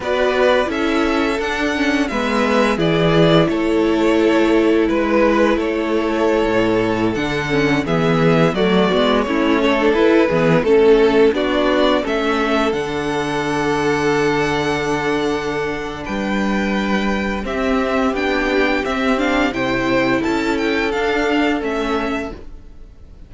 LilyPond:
<<
  \new Staff \with { instrumentName = "violin" } { \time 4/4 \tempo 4 = 86 d''4 e''4 fis''4 e''4 | d''4 cis''2 b'4 | cis''2~ cis''16 fis''4 e''8.~ | e''16 d''4 cis''4 b'4 a'8.~ |
a'16 d''4 e''4 fis''4.~ fis''16~ | fis''2. g''4~ | g''4 e''4 g''4 e''8 f''8 | g''4 a''8 g''8 f''4 e''4 | }
  \new Staff \with { instrumentName = "violin" } { \time 4/4 b'4 a'2 b'4 | gis'4 a'2 b'4 | a'2.~ a'16 gis'8.~ | gis'16 fis'4 e'8 a'4 gis'8 a'8.~ |
a'16 fis'4 a'2~ a'8.~ | a'2. b'4~ | b'4 g'2. | c''4 a'2. | }
  \new Staff \with { instrumentName = "viola" } { \time 4/4 fis'4 e'4 d'8 cis'8 b4 | e'1~ | e'2~ e'16 d'8 cis'8 b8.~ | b16 a8 b8 cis'8. d'16 e'8 b8 cis'8.~ |
cis'16 d'4 cis'4 d'4.~ d'16~ | d'1~ | d'4 c'4 d'4 c'8 d'8 | e'2 d'4 cis'4 | }
  \new Staff \with { instrumentName = "cello" } { \time 4/4 b4 cis'4 d'4 gis4 | e4 a2 gis4 | a4~ a16 a,4 d4 e8.~ | e16 fis8 gis8 a4 e'8 e8 a8.~ |
a16 b4 a4 d4.~ d16~ | d2. g4~ | g4 c'4 b4 c'4 | c4 cis'4 d'4 a4 | }
>>